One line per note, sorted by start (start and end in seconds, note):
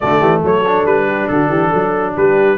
0.00 0.20 D3
0.00 0.65 A3
0.00 0.20 F#4
0.00 0.42 D5
0.20 0.42 E3
0.20 0.41 G4
0.43 0.85 F#3
0.43 1.07 A4
0.43 0.86 C#5
0.66 2.57 D4
0.85 1.28 G3
0.85 1.27 B4
1.07 1.28 G4
1.27 1.48 D3
1.27 1.49 F#4
1.27 2.13 A4
1.48 1.70 E3
1.48 1.69 G4
1.69 2.16 F#3
1.69 2.12 A4
2.15 2.57 G3
2.15 2.57 G4
2.15 2.57 B4